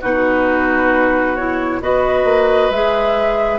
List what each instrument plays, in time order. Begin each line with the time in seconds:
0.00 bassoon B2, clarinet D#4, oboe F#4, flute B4
1.35 clarinet E4, flute C#5
1.80 bassoon B3, clarinet F#4, oboe B4, flute D#5
2.24 bassoon A#3
2.70 bassoon G#3, clarinet G#4, flute E5